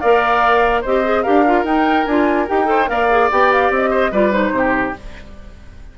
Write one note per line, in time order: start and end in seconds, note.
0.00 0.85 A#3
0.00 0.85 A#4
0.00 0.82 D5
0.00 0.82 F5
0.82 1.26 C4
0.82 1.05 G4
0.82 1.23 C5
0.82 1.23 D#5
1.05 1.25 G#4
1.23 1.64 D4
1.23 1.45 G4
1.23 2.67 A#4
1.23 1.64 F5
1.46 1.65 F4
1.64 2.05 D#4
1.64 2.06 D#4
1.64 2.06 G5
2.06 2.48 D4
2.06 2.48 F4
2.06 2.47 G#5
2.48 2.90 D#4
2.48 2.65 G4
2.48 2.89 G5
2.65 2.86 A4
2.65 2.90 C5
2.87 3.31 A#3
2.87 3.07 A#4
2.87 3.91 D5
2.87 3.30 F5
3.10 3.30 G#4
3.31 3.71 B3
3.31 4.13 G4
3.31 3.53 G5
3.53 3.73 F5
3.71 4.12 C4
3.71 4.13 D#5
3.91 4.11 C5
4.12 4.52 G3
4.12 4.32 F4
4.12 4.53 B4
4.12 4.33 D5
4.32 4.94 D#4
4.32 4.94 C5
4.52 4.93 C3
4.52 4.98 G4